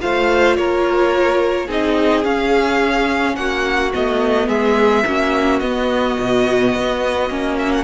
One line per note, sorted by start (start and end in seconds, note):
0.00 0.57 A3
0.00 1.68 F4
0.00 0.58 C5
0.00 0.56 F5
0.56 1.69 A#3
0.56 1.67 A#4
0.56 1.68 C#5
1.67 2.25 C4
1.67 2.24 D#4
1.67 3.35 G#4
1.67 2.24 D#5
2.24 3.92 C#4
2.24 3.37 C#4
2.24 3.36 F5
3.36 3.93 A#3
3.36 4.48 F#4
3.36 3.92 F#5
3.93 4.48 A3
3.93 5.05 B3
3.93 4.49 D#5
4.48 5.04 G#3
4.48 5.04 G#4
4.48 5.60 E5
5.07 5.61 A#3
5.07 5.63 C#4
5.07 7.84 F#4
5.60 6.17 B3
5.60 7.30 B3
5.60 7.56 D#5
6.20 6.75 B2
6.75 7.30 B3
7.30 7.84 A#3
7.30 7.84 C#4
7.59 7.72 E5
7.72 7.84 F#5